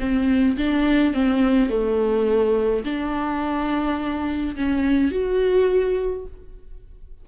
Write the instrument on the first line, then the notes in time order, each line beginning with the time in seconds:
viola
0.00 C4
0.57 D4
1.14 C4
1.70 A3
2.84 D4
4.56 C#4
5.11 F#4